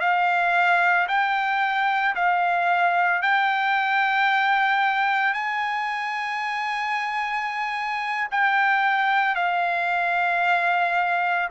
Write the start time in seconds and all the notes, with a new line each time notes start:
0.00 F5
1.08 G5
2.15 F5
3.22 G5
5.34 G#5
8.31 G5
9.35 F5